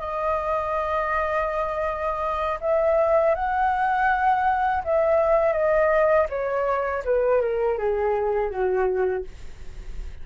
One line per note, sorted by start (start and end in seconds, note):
0.00 2.59 D#5
2.61 3.35 E5
3.35 4.83 F#5
4.84 5.53 E5
5.53 6.27 D#5
6.30 7.04 C#5
7.05 7.42 B4
7.42 7.78 A#4
7.78 8.50 G#4
8.50 9.24 F#4